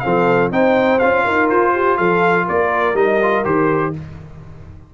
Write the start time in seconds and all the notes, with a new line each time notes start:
0.00 F3 C4 A4 F5
0.51 C4 D#4 C5 G5
0.99 C#4 F4 F5
1.24 D#4 A#4
1.50 F4 C5
1.74 G4
1.97 F3 A4 F5
2.46 A#3 A#4 D5
2.94 G3 D#4 D#5
3.23 F4
3.45 D#3 G4 C5